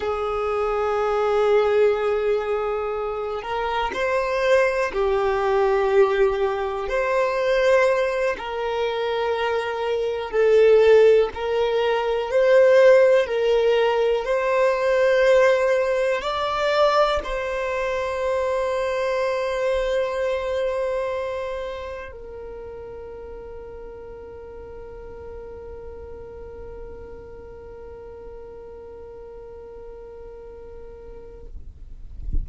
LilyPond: \new Staff \with { instrumentName = "violin" } { \time 4/4 \tempo 4 = 61 gis'2.~ gis'8 ais'8 | c''4 g'2 c''4~ | c''8 ais'2 a'4 ais'8~ | ais'8 c''4 ais'4 c''4.~ |
c''8 d''4 c''2~ c''8~ | c''2~ c''8 ais'4.~ | ais'1~ | ais'1 | }